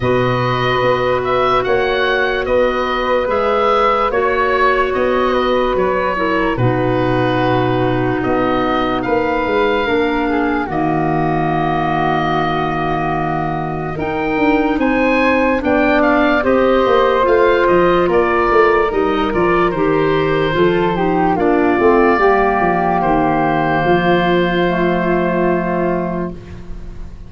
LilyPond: <<
  \new Staff \with { instrumentName = "oboe" } { \time 4/4 \tempo 4 = 73 dis''4. e''8 fis''4 dis''4 | e''4 cis''4 dis''4 cis''4 | b'2 dis''4 f''4~ | f''4 dis''2.~ |
dis''4 g''4 gis''4 g''8 f''8 | dis''4 f''8 dis''8 d''4 dis''8 d''8 | c''2 d''2 | c''1 | }
  \new Staff \with { instrumentName = "flute" } { \time 4/4 b'2 cis''4 b'4~ | b'4 cis''4. b'4 ais'8 | fis'2. b'4 | ais'8 gis'8 fis'2.~ |
fis'4 ais'4 c''4 d''4 | c''2 ais'2~ | ais'4 a'8 g'8 f'4 g'4~ | g'4 f'2. | }
  \new Staff \with { instrumentName = "clarinet" } { \time 4/4 fis'1 | gis'4 fis'2~ fis'8 e'8 | dis'1 | d'4 ais2.~ |
ais4 dis'2 d'4 | g'4 f'2 dis'8 f'8 | g'4 f'8 dis'8 d'8 c'8 ais4~ | ais2 a2 | }
  \new Staff \with { instrumentName = "tuba" } { \time 4/4 b,4 b4 ais4 b4 | gis4 ais4 b4 fis4 | b,2 b4 ais8 gis8 | ais4 dis2.~ |
dis4 dis'8 d'8 c'4 b4 | c'8 ais8 a8 f8 ais8 a8 g8 f8 | dis4 f4 ais8 a8 g8 f8 | dis4 f2. | }
>>